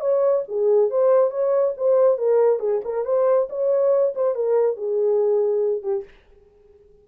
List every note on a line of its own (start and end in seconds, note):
0.00 0.43 C#5
0.48 0.90 G#4
0.90 1.30 C5
1.30 1.73 C#5
1.77 2.17 C5
2.17 2.59 A#4
2.59 2.81 G#4
2.84 3.05 A#4
3.05 3.48 C5
3.49 4.14 C#5
4.14 4.35 C5
4.35 4.76 A#4
4.76 5.82 G#4
5.82 6.04 G4